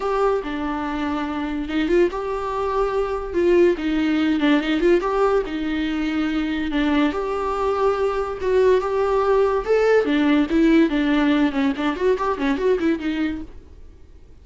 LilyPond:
\new Staff \with { instrumentName = "viola" } { \time 4/4 \tempo 4 = 143 g'4 d'2. | dis'8 f'8 g'2. | f'4 dis'4. d'8 dis'8 f'8 | g'4 dis'2. |
d'4 g'2. | fis'4 g'2 a'4 | d'4 e'4 d'4. cis'8 | d'8 fis'8 g'8 cis'8 fis'8 e'8 dis'4 | }